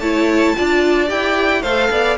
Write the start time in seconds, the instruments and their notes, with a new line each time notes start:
0.00 cello A3, viola E4, violin C#5 A5
0.56 cello D4, viola F4, violin D5
1.08 cello E4, viola G4, violin G5
1.62 cello A3, viola A4, violin C5 F5
1.91 cello B3, violin D5